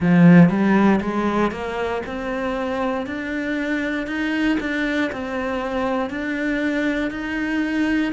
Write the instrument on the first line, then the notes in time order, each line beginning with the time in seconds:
cello
0.00 F3
0.49 G3
1.00 G#3
1.51 A#3
2.06 C4
3.06 D4
4.07 D#4
4.59 D4
5.11 C4
6.10 D4
7.10 D#4